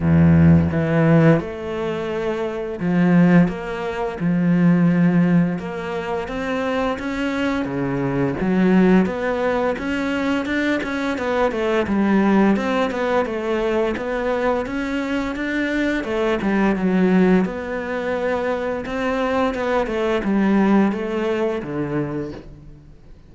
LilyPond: \new Staff \with { instrumentName = "cello" } { \time 4/4 \tempo 4 = 86 e,4 e4 a2 | f4 ais4 f2 | ais4 c'4 cis'4 cis4 | fis4 b4 cis'4 d'8 cis'8 |
b8 a8 g4 c'8 b8 a4 | b4 cis'4 d'4 a8 g8 | fis4 b2 c'4 | b8 a8 g4 a4 d4 | }